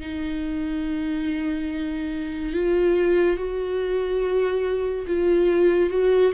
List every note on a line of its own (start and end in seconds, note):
0.00 2.54 D#4
2.54 3.36 F4
3.36 5.06 F#4
5.07 5.90 F4
5.90 6.32 F#4